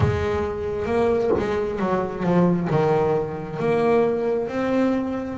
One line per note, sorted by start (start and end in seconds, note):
0.00 0.85 G#3
0.85 1.30 A#3
1.38 1.79 G#3
1.79 2.23 F#3
2.23 2.68 F3
2.69 3.59 D#3
3.59 4.48 A#3
4.48 5.37 C4